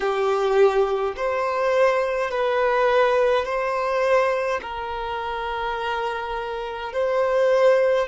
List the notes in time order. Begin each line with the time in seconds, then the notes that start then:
0.00 G4
1.16 C5
2.31 B4
3.45 C5
4.62 A#4
6.92 C5